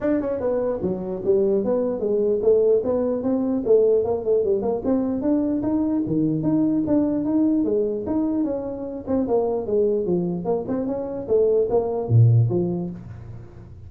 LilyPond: \new Staff \with { instrumentName = "tuba" } { \time 4/4 \tempo 4 = 149 d'8 cis'8 b4 fis4 g4 | b4 gis4 a4 b4 | c'4 a4 ais8 a8 g8 ais8 | c'4 d'4 dis'4 dis4 |
dis'4 d'4 dis'4 gis4 | dis'4 cis'4. c'8 ais4 | gis4 f4 ais8 c'8 cis'4 | a4 ais4 ais,4 f4 | }